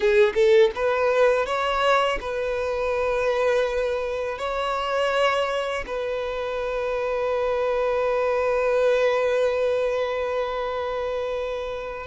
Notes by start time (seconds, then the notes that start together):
0.00 G#4
0.34 A4
0.75 B4
1.45 C#5
2.21 B4
4.38 C#5
5.87 B4